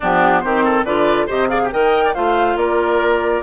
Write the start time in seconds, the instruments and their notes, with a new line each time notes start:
0.00 bassoon F3, clarinet B3, oboe D4, flute G4
0.40 bassoon D#3, clarinet C4, oboe G4, flute C5
0.64 oboe A4
0.84 bassoon D3, clarinet F4, oboe B4, flute D5
1.26 bassoon C3, clarinet G4, oboe C5, flute D#5
1.48 clarinet G#4, oboe D5, flute F5
1.63 oboe G4
1.72 bassoon D#3, clarinet A#4, oboe D#5, flute G5
2.04 oboe D5
2.14 bassoon A3, clarinet F4, oboe C5, flute F5
2.55 bassoon A#3, oboe A#4, flute D5